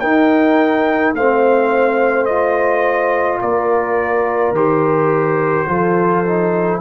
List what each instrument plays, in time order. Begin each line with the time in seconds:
0.00 tuba D#4, trombone D#4, horn A#4, trumpet G5
1.14 tuba A3, trombone C4, horn C5, trumpet F5
2.25 trombone F4, trumpet D#5
3.41 tuba A#3, horn A#4, trumpet D5
4.52 tuba D#3, trombone G4, trumpet C5
5.68 tuba F3, trombone F4, horn A4
6.25 trombone D#4